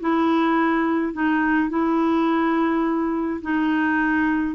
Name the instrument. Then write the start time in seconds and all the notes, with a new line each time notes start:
clarinet
0.00 E4
1.13 D#4
1.69 E4
3.42 D#4